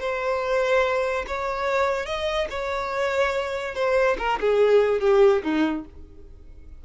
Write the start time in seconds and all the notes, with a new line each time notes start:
0.00 C5
1.27 C#5
2.06 D#5
2.50 C#5
3.75 C5
4.18 A#4
4.41 G#4
5.01 G4
5.43 D#4